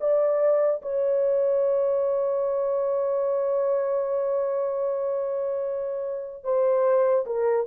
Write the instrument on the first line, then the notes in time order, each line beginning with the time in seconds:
horn
0.00 D5
0.82 C#5
6.44 C5
7.26 A#4